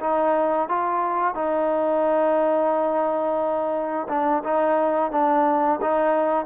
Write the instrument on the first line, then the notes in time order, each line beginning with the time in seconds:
trombone
0.00 D#4
0.68 F4
1.35 D#4
4.08 D4
4.43 D#4
5.11 D4
5.81 D#4